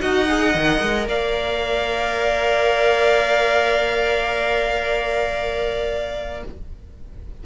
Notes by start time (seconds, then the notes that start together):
0.00 D#4 F#4 D#5 F#5
0.28 G#4
0.55 D#3 A#4
0.82 G#3
1.07 A#3 D5 F5